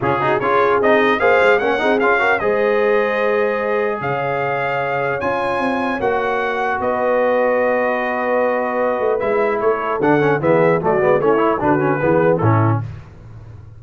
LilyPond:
<<
  \new Staff \with { instrumentName = "trumpet" } { \time 4/4 \tempo 4 = 150 gis'4 cis''4 dis''4 f''4 | fis''4 f''4 dis''2~ | dis''2 f''2~ | f''4 gis''2 fis''4~ |
fis''4 dis''2.~ | dis''2. e''4 | cis''4 fis''4 e''4 d''4 | cis''4 b'2 a'4 | }
  \new Staff \with { instrumentName = "horn" } { \time 4/4 f'8 fis'8 gis'2 c''4 | cis''8 gis'4 ais'8 c''2~ | c''2 cis''2~ | cis''1~ |
cis''4 b'2.~ | b'1 | a'2 gis'4 fis'4 | e'4 fis'4 gis'4 e'4 | }
  \new Staff \with { instrumentName = "trombone" } { \time 4/4 cis'8 dis'8 f'4 dis'4 gis'4 | cis'8 dis'8 f'8 fis'8 gis'2~ | gis'1~ | gis'4 f'2 fis'4~ |
fis'1~ | fis'2. e'4~ | e'4 d'8 cis'8 b4 a8 b8 | cis'8 e'8 d'8 cis'8 b4 cis'4 | }
  \new Staff \with { instrumentName = "tuba" } { \time 4/4 cis4 cis'4 c'4 ais8 gis8 | ais8 c'8 cis'4 gis2~ | gis2 cis2~ | cis4 cis'4 c'4 ais4~ |
ais4 b2.~ | b2~ b8 a8 gis4 | a4 d4 e4 fis8 gis8 | a4 d4 e4 a,4 | }
>>